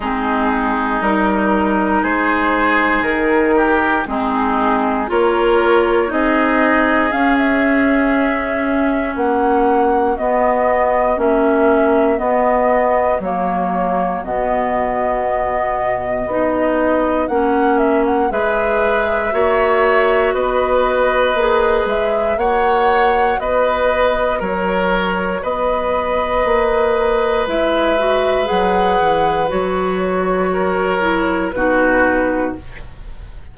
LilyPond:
<<
  \new Staff \with { instrumentName = "flute" } { \time 4/4 \tempo 4 = 59 gis'4 ais'4 c''4 ais'4 | gis'4 cis''4 dis''4 f''16 e''8.~ | e''4 fis''4 dis''4 e''4 | dis''4 cis''4 dis''2~ |
dis''4 fis''8 e''16 fis''16 e''2 | dis''4. e''8 fis''4 dis''4 | cis''4 dis''2 e''4 | fis''4 cis''2 b'4 | }
  \new Staff \with { instrumentName = "oboe" } { \time 4/4 dis'2 gis'4. g'8 | dis'4 ais'4 gis'2~ | gis'4 fis'2.~ | fis'1~ |
fis'2 b'4 cis''4 | b'2 cis''4 b'4 | ais'4 b'2.~ | b'2 ais'4 fis'4 | }
  \new Staff \with { instrumentName = "clarinet" } { \time 4/4 c'4 dis'2. | c'4 f'4 dis'4 cis'4~ | cis'2 b4 cis'4 | b4 ais4 b2 |
dis'4 cis'4 gis'4 fis'4~ | fis'4 gis'4 fis'2~ | fis'2. e'8 fis'8 | gis'4 fis'4. e'8 dis'4 | }
  \new Staff \with { instrumentName = "bassoon" } { \time 4/4 gis4 g4 gis4 dis4 | gis4 ais4 c'4 cis'4~ | cis'4 ais4 b4 ais4 | b4 fis4 b,2 |
b4 ais4 gis4 ais4 | b4 ais8 gis8 ais4 b4 | fis4 b4 ais4 gis4 | fis8 e8 fis2 b,4 | }
>>